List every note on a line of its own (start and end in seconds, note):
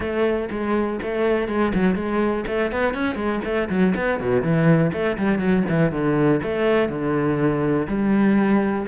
0.00 0.49 A3
0.50 0.99 G#3
1.02 1.48 A3
1.48 1.72 G#3
1.74 1.95 F#3
1.95 2.44 G#3
2.47 2.71 A3
2.71 2.94 B3
2.94 3.15 C#4
3.15 3.40 G#3
3.44 3.68 A3
3.69 3.93 F#3
3.95 4.20 B3
4.20 4.42 B2
4.42 4.91 E3
4.92 5.17 A3
5.17 5.38 G3
5.38 5.63 F#3
5.68 5.92 E3
5.92 6.41 D3
6.42 6.89 A3
6.89 7.87 D3
7.87 8.85 G3